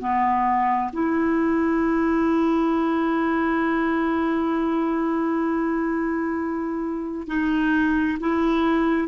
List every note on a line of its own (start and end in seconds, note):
0.00 0.91 B3
0.93 7.27 E4
7.27 8.18 D#4
8.20 9.08 E4